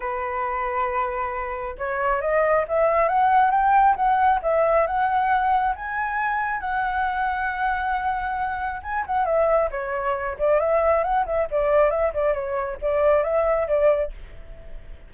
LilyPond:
\new Staff \with { instrumentName = "flute" } { \time 4/4 \tempo 4 = 136 b'1 | cis''4 dis''4 e''4 fis''4 | g''4 fis''4 e''4 fis''4~ | fis''4 gis''2 fis''4~ |
fis''1 | gis''8 fis''8 e''4 cis''4. d''8 | e''4 fis''8 e''8 d''4 e''8 d''8 | cis''4 d''4 e''4 d''4 | }